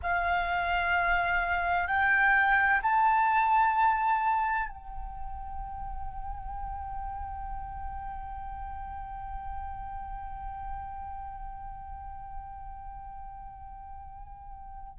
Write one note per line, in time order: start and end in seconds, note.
0.02 1.87 F5
1.87 2.80 G5
2.82 4.69 A5
4.69 14.98 G5